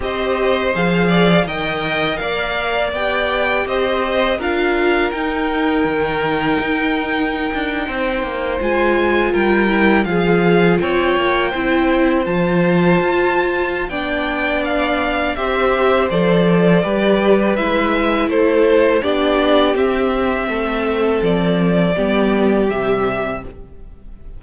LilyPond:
<<
  \new Staff \with { instrumentName = "violin" } { \time 4/4 \tempo 4 = 82 dis''4 f''4 g''4 f''4 | g''4 dis''4 f''4 g''4~ | g''2.~ g''8. gis''16~ | gis''8. g''4 f''4 g''4~ g''16~ |
g''8. a''2~ a''16 g''4 | f''4 e''4 d''2 | e''4 c''4 d''4 e''4~ | e''4 d''2 e''4 | }
  \new Staff \with { instrumentName = "violin" } { \time 4/4 c''4. d''8 dis''4 d''4~ | d''4 c''4 ais'2~ | ais'2~ ais'8. c''4~ c''16~ | c''8. ais'4 gis'4 cis''4 c''16~ |
c''2. d''4~ | d''4 c''2 b'4~ | b'4 a'4 g'2 | a'2 g'2 | }
  \new Staff \with { instrumentName = "viola" } { \time 4/4 g'4 gis'4 ais'2 | g'2 f'4 dis'4~ | dis'2.~ dis'8. f'16~ | f'4~ f'16 e'8 f'2 e'16~ |
e'8. f'2~ f'16 d'4~ | d'4 g'4 a'4 g'4 | e'2 d'4 c'4~ | c'2 b4 g4 | }
  \new Staff \with { instrumentName = "cello" } { \time 4/4 c'4 f4 dis4 ais4 | b4 c'4 d'4 dis'4 | dis4 dis'4~ dis'16 d'8 c'8 ais8 gis16~ | gis8. g4 f4 c'8 ais8 c'16~ |
c'8. f4 f'4~ f'16 b4~ | b4 c'4 f4 g4 | gis4 a4 b4 c'4 | a4 f4 g4 c4 | }
>>